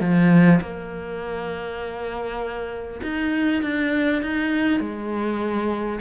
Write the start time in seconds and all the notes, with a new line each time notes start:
0.00 F3
0.61 A#3
3.02 D#4
3.62 D4
4.22 D#4
4.80 G#3